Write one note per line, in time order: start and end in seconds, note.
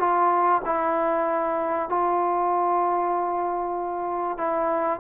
0.00 0.62 F4
0.66 1.89 E4
1.89 4.38 F4
4.38 5.00 E4